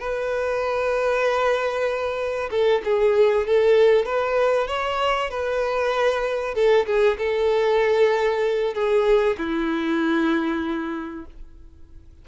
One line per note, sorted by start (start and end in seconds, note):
0.00 2.50 B4
2.51 2.82 A4
2.85 3.47 G#4
3.47 4.06 A4
4.06 4.68 B4
4.68 5.30 C#5
5.31 6.55 B4
6.55 6.86 A4
6.87 7.18 G#4
7.19 8.75 A4
8.75 9.37 G#4
9.38 11.26 E4